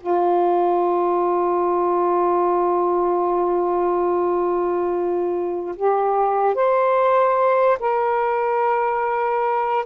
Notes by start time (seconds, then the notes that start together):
0.00 F4
5.76 G4
6.55 C5
7.79 A#4